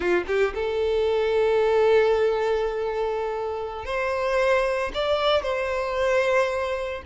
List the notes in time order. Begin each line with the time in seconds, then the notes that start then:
0.00 F4
0.27 G4
0.54 A4
3.85 C5
4.94 D5
5.43 C5